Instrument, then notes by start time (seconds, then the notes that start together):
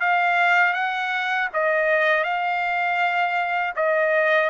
trumpet
0.00 F5
0.73 F#5
1.53 D#5
2.23 F5
3.75 D#5